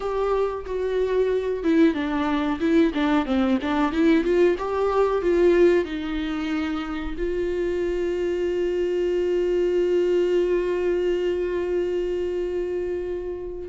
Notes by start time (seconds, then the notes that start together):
0.00 G4
0.65 F#4
1.63 E4
1.94 D4
2.59 E4
2.94 D4
3.25 C4
3.61 D4
3.91 E4
4.24 F4
4.58 G4
5.22 F4
5.84 D#4
7.17 F4